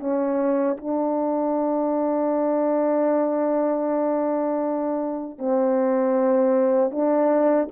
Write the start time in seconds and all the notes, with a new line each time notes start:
0.00 C#4
0.78 D4
5.38 C4
6.91 D4